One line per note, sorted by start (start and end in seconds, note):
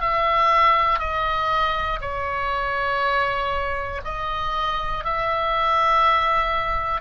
0.00 0.99 E5
0.99 1.99 D#5
2.01 4.01 C#5
4.04 5.04 D#5
5.04 7.01 E5